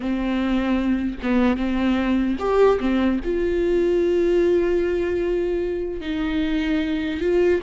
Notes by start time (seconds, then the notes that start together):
0.00 C4
1.22 B3
1.57 C4
2.39 G4
2.80 C4
3.24 F4
6.01 D#4
7.21 F4